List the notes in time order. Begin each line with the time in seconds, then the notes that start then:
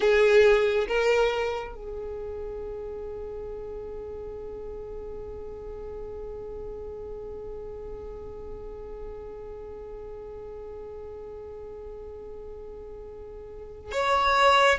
0.00 G#4
0.87 A#4
1.74 G#4
13.91 C#5